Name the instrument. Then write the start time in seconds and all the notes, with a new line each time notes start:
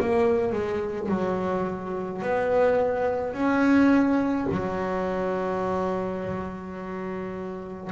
double bass
0.00 A#3
0.53 G#3
1.09 F#3
2.22 B3
3.34 C#4
4.51 F#3